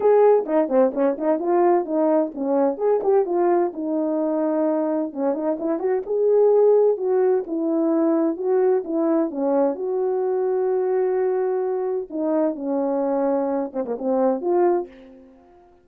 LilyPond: \new Staff \with { instrumentName = "horn" } { \time 4/4 \tempo 4 = 129 gis'4 dis'8 c'8 cis'8 dis'8 f'4 | dis'4 cis'4 gis'8 g'8 f'4 | dis'2. cis'8 dis'8 | e'8 fis'8 gis'2 fis'4 |
e'2 fis'4 e'4 | cis'4 fis'2.~ | fis'2 dis'4 cis'4~ | cis'4. c'16 ais16 c'4 f'4 | }